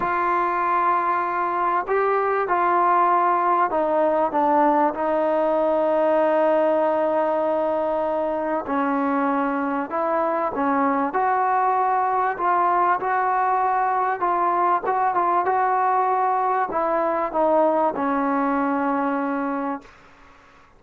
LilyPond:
\new Staff \with { instrumentName = "trombone" } { \time 4/4 \tempo 4 = 97 f'2. g'4 | f'2 dis'4 d'4 | dis'1~ | dis'2 cis'2 |
e'4 cis'4 fis'2 | f'4 fis'2 f'4 | fis'8 f'8 fis'2 e'4 | dis'4 cis'2. | }